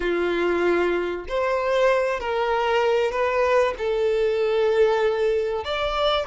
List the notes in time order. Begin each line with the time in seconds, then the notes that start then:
0.00 F4
1.28 C5
2.20 A#4
3.11 B4
3.78 A4
5.64 D5